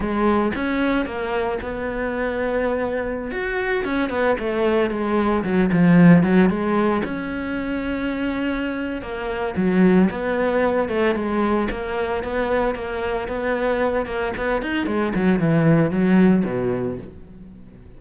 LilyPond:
\new Staff \with { instrumentName = "cello" } { \time 4/4 \tempo 4 = 113 gis4 cis'4 ais4 b4~ | b2~ b16 fis'4 cis'8 b16~ | b16 a4 gis4 fis8 f4 fis16~ | fis16 gis4 cis'2~ cis'8.~ |
cis'4 ais4 fis4 b4~ | b8 a8 gis4 ais4 b4 | ais4 b4. ais8 b8 dis'8 | gis8 fis8 e4 fis4 b,4 | }